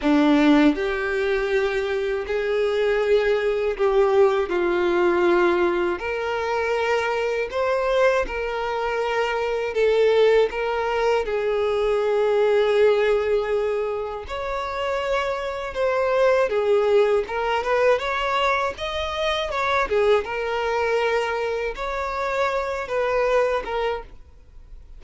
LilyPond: \new Staff \with { instrumentName = "violin" } { \time 4/4 \tempo 4 = 80 d'4 g'2 gis'4~ | gis'4 g'4 f'2 | ais'2 c''4 ais'4~ | ais'4 a'4 ais'4 gis'4~ |
gis'2. cis''4~ | cis''4 c''4 gis'4 ais'8 b'8 | cis''4 dis''4 cis''8 gis'8 ais'4~ | ais'4 cis''4. b'4 ais'8 | }